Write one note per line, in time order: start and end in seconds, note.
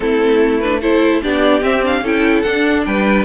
0.00 1.22 A3
0.00 0.61 C4
0.00 0.80 E4
0.00 0.60 A4
0.60 0.82 D4
0.60 0.80 B4
0.80 1.22 E4
0.80 1.21 A4
0.80 1.22 C5
1.22 1.62 B3
1.22 1.61 D4
1.22 2.03 G4
1.22 1.63 D5
1.61 1.82 C4
1.61 2.01 C4
1.61 1.83 E5
1.83 2.04 D4
1.83 2.06 F5
2.01 2.42 C#4
2.01 2.44 E4
2.01 2.84 A4
2.01 2.41 G5
2.41 3.25 D4
2.41 2.86 D4
2.41 2.82 F#5
2.85 3.25 G3
2.85 3.25 B4
2.85 3.25 G5